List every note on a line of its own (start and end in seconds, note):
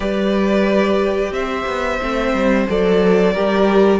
0.00 1.30 G3
0.00 1.99 G4
0.00 1.31 B4
0.00 1.32 D5
1.31 1.64 C4
1.31 3.33 C5
1.31 2.66 E5
1.66 1.99 B3
2.01 2.33 A3
2.01 2.67 C4
2.33 2.66 G3
2.67 3.36 F#3
2.67 3.34 A4
2.67 3.99 D5
3.33 3.99 G3
3.33 3.99 G4
3.33 3.99 A#4